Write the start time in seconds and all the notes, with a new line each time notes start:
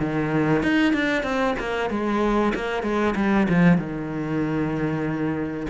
0.00 D#3
0.63 D#4
0.94 D4
1.24 C4
1.60 A#3
1.91 G#3
2.55 A#3
2.83 G#3
3.16 G3
3.50 F3
3.78 D#3